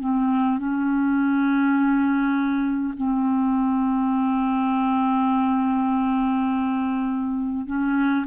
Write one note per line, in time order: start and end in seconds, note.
0.00 0.58 C4
0.58 2.93 C#4
2.96 7.66 C4
7.66 8.25 C#4